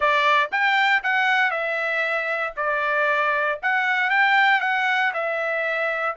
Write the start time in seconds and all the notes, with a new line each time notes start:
0.00 D5
0.51 G5
1.03 F#5
1.50 E5
2.56 D5
3.62 F#5
4.10 G5
4.61 F#5
5.13 E5